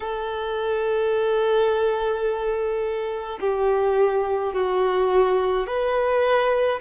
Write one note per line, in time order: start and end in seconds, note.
0.00 3.39 A4
3.40 4.53 G4
4.53 5.66 F#4
5.67 6.80 B4